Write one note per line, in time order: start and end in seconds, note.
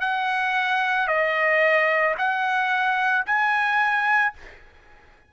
0.00 1.07 F#5
1.07 2.14 D#5
2.17 3.24 F#5
3.26 4.33 G#5